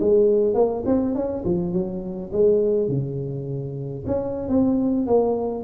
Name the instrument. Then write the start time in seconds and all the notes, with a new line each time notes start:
tuba
0.00 G#3
0.55 A#3
0.86 C4
1.15 C#4
1.45 F3
1.73 F#3
2.32 G#3
2.88 C#3
4.07 C#4
4.49 C4
5.07 A#3